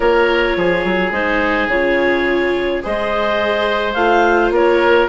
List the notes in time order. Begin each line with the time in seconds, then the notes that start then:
0.00 A#3 F4 A#4 C#5
0.56 F3 G#4
0.84 F#3
1.11 G#3 D#4 C5
1.68 C#3 F4 C#5
2.82 G#3 G#4 C5 D#5
3.93 A3 F4 F5
4.50 A#3 A#4 C#5